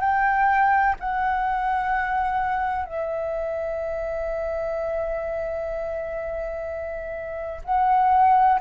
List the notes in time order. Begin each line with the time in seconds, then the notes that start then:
0.00 G5
1.00 F#5
2.85 E5
7.64 F#5